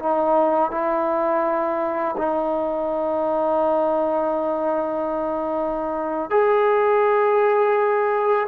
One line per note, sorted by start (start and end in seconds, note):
0.00 0.71 D#4
0.71 2.16 E4
2.18 6.31 D#4
6.31 8.47 G#4